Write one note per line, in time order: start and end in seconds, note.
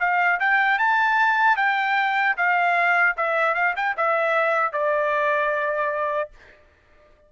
0.00 0.39 F5
0.40 0.79 G5
0.79 1.57 A5
1.57 2.36 G5
2.37 3.16 F5
3.17 3.55 E5
3.55 3.75 F5
3.76 3.96 G5
3.97 4.73 E5
4.73 6.31 D5